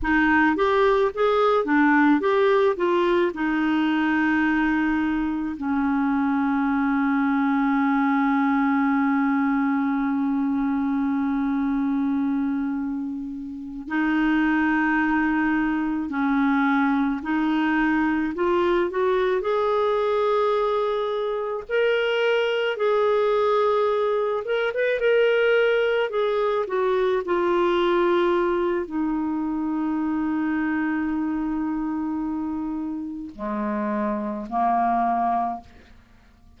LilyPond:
\new Staff \with { instrumentName = "clarinet" } { \time 4/4 \tempo 4 = 54 dis'8 g'8 gis'8 d'8 g'8 f'8 dis'4~ | dis'4 cis'2.~ | cis'1~ | cis'8 dis'2 cis'4 dis'8~ |
dis'8 f'8 fis'8 gis'2 ais'8~ | ais'8 gis'4. ais'16 b'16 ais'4 gis'8 | fis'8 f'4. dis'2~ | dis'2 gis4 ais4 | }